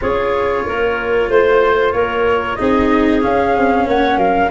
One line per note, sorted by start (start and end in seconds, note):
0.01 0.65 C#4
0.01 2.58 F4
0.01 0.65 G#4
0.01 1.30 C#5
0.65 1.29 A#3
0.65 1.29 A#4
1.29 1.93 A3
1.29 1.93 C5
1.29 1.92 C5
1.92 2.58 A#3
1.92 2.58 A#4
1.92 2.55 C#5
2.55 3.24 C4
2.55 3.21 D#4
2.55 3.86 G#4
2.55 3.20 D#5
3.21 4.50 C#4
3.21 3.56 C#4
3.21 3.87 F5
3.56 3.87 C4
3.86 4.17 A#3
3.86 4.17 C#5
3.86 4.18 F#5
4.17 4.49 F#3
4.17 4.50 A#4
4.17 4.50 F5